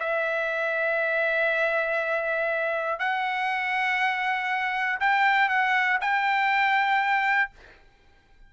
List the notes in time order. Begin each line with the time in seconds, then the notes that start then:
0.00 E5
3.00 F#5
5.00 G5
5.49 F#5
6.01 G5